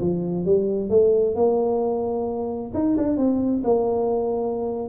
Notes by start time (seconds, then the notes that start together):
0.00 F3
0.45 G3
0.89 A3
1.35 A#3
2.73 D#4
2.97 D4
3.17 C4
3.63 A#3